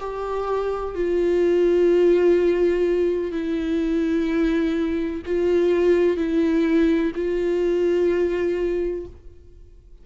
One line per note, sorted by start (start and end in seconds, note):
0.00 0.95 G4
0.95 3.32 F4
3.32 5.23 E4
5.26 6.17 F4
6.17 7.13 E4
7.16 9.06 F4